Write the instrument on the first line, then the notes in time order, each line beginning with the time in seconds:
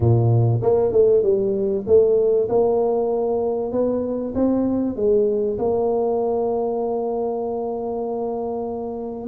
tuba
0.00 A#2
0.62 A#3
0.91 A3
1.23 G3
1.86 A3
2.49 A#3
3.72 B3
4.35 C4
4.96 G#3
5.58 A#3